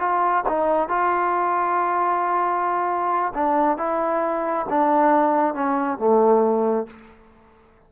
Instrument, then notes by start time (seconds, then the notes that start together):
trombone
0.00 F4
0.49 D#4
0.89 F4
3.35 D4
3.78 E4
4.70 D4
5.55 C#4
5.99 A3